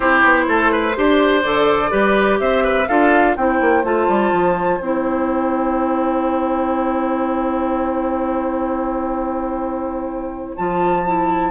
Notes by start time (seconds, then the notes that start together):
0.00 C4 E4 G4 C5
0.23 B3
0.47 A3 A4
0.71 B4
0.95 D4 G4 C5
1.41 D3 A4 D5
1.90 G3 G4 B4
2.39 C4 C5 E5
2.64 B4
2.87 D4 F4 A4 F5
3.36 C4 E4 C5 G5
3.60 A#3
3.83 A3 F4 A5
4.08 G3
4.32 F3
4.80 C4 E4 G5
10.56 F3 F4 A5
11.06 E4